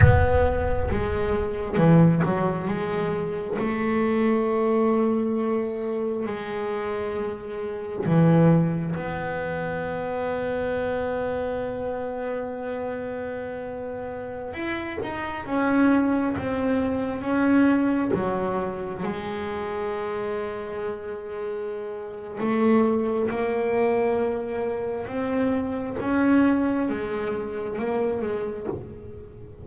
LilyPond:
\new Staff \with { instrumentName = "double bass" } { \time 4/4 \tempo 4 = 67 b4 gis4 e8 fis8 gis4 | a2. gis4~ | gis4 e4 b2~ | b1~ |
b16 e'8 dis'8 cis'4 c'4 cis'8.~ | cis'16 fis4 gis2~ gis8.~ | gis4 a4 ais2 | c'4 cis'4 gis4 ais8 gis8 | }